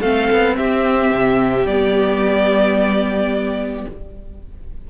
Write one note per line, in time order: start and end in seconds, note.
0.00 0.28 A3
0.00 1.67 C4
0.00 0.55 A4
0.00 0.56 F5
0.32 0.58 B3
0.56 1.12 C4
0.56 3.87 G4
0.56 1.66 E5
1.12 1.65 C3
1.65 3.86 G3
1.65 3.90 B3
1.65 3.87 D5